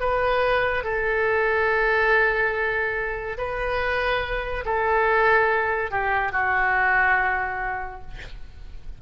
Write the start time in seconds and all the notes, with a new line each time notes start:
0.00 B4
0.84 A4
3.38 B4
4.66 A4
5.91 G4
6.32 F#4